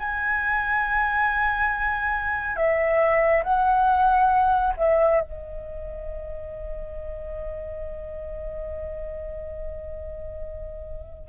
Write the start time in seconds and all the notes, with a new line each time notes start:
0.00 G#5
2.57 E5
3.44 F#5
4.77 E5
5.21 D#5